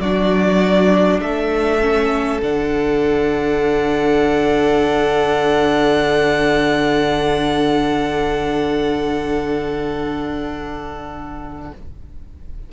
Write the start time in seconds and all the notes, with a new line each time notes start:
0.00 F#3 D4 F#4 D5
1.20 A3 A4 E5
1.81 C#4
2.41 D3 D4 F#5